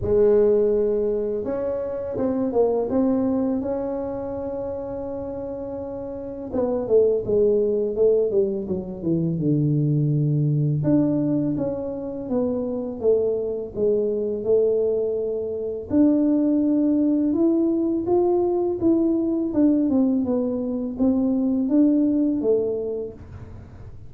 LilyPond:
\new Staff \with { instrumentName = "tuba" } { \time 4/4 \tempo 4 = 83 gis2 cis'4 c'8 ais8 | c'4 cis'2.~ | cis'4 b8 a8 gis4 a8 g8 | fis8 e8 d2 d'4 |
cis'4 b4 a4 gis4 | a2 d'2 | e'4 f'4 e'4 d'8 c'8 | b4 c'4 d'4 a4 | }